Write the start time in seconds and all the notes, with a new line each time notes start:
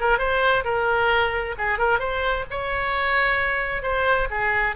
0.00 A#4
0.19 C5
0.65 A#4
1.58 G#4
1.79 A#4
1.99 C5
2.51 C#5
3.82 C5
4.31 G#4